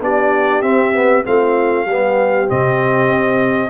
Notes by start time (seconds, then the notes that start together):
0.00 B3 D4 G4 D5
0.61 C4 E5
0.93 B3
1.24 A3 C4 F4 F5
1.86 G3 B3 G4
2.48 C3 C4 D#5
3.09 C4